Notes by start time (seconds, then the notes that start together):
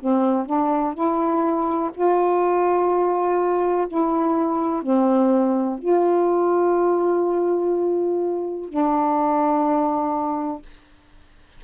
0.00 C4
0.46 D4
0.94 E4
1.94 F4
3.88 E4
4.83 C4
5.79 F4
8.69 D4